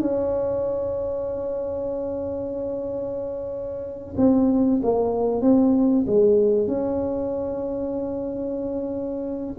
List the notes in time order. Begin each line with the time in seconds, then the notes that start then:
0.00 C#4
4.17 C4
4.82 A#3
5.41 C4
6.06 G#3
6.67 C#4